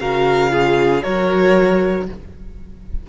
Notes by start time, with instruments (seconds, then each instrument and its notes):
0.00 cello C#3, viola F#4, violin A#4 F5
0.50 viola F4, violin G#4
1.03 cello F#3, viola F#4, violin A#4 C#5